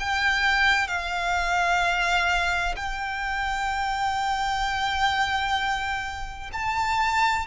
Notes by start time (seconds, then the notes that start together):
0.00 G5
0.88 F5
2.76 G5
6.53 A5